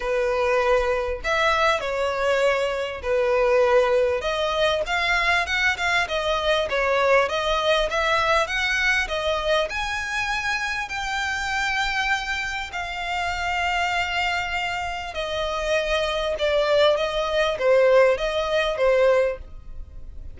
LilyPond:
\new Staff \with { instrumentName = "violin" } { \time 4/4 \tempo 4 = 99 b'2 e''4 cis''4~ | cis''4 b'2 dis''4 | f''4 fis''8 f''8 dis''4 cis''4 | dis''4 e''4 fis''4 dis''4 |
gis''2 g''2~ | g''4 f''2.~ | f''4 dis''2 d''4 | dis''4 c''4 dis''4 c''4 | }